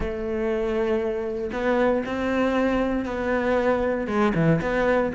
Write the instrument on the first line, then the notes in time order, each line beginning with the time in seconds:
cello
0.00 A3
1.52 B3
2.05 C4
3.05 B3
4.07 G#3
4.34 E3
4.61 B3